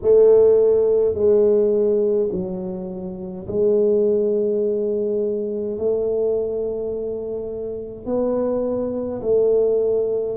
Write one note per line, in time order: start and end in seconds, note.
0.02 1.14 A3
1.14 2.29 G#3
2.31 3.47 F#3
3.47 5.77 G#3
5.77 8.05 A3
8.05 9.20 B3
9.22 10.37 A3